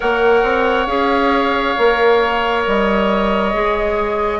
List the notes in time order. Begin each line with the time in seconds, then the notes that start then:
0.00 A#3 A#4 C#5 F#5
0.43 C4
0.87 C#4 G#4 F5
1.78 A#3 A#4
2.66 G3 D#5
3.53 G#3 G#4